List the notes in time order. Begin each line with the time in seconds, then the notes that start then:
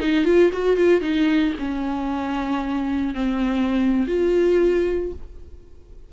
0.00 D#4
0.25 F4
0.53 F#4
0.77 F4
1.01 D#4
1.59 C#4
3.15 C4
4.08 F4